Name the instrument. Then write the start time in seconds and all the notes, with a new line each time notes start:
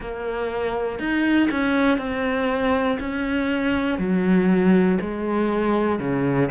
cello
0.00 A#3
0.99 D#4
1.50 C#4
1.98 C4
2.99 C#4
3.98 F#3
5.00 G#3
5.99 C#3